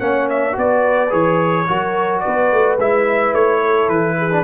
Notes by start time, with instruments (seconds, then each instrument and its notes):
0.00 tuba A#3, trombone C#4, horn C#5, trumpet F#5
0.30 trumpet E5
0.53 tuba B3, trombone F#4, horn B4
0.59 trumpet D5
1.10 tuba E3, trombone G#4, trumpet C#5
1.68 tuba F#3, trombone F#4, horn A#4
2.20 horn B4, trumpet D5
2.28 tuba B3
2.52 tuba A3
2.80 tuba G#3, trombone E4, trumpet E5
3.34 tuba A3, trumpet C#5
3.62 horn A4
3.89 tuba E3, trumpet B4
4.18 horn G#4
4.32 trombone D4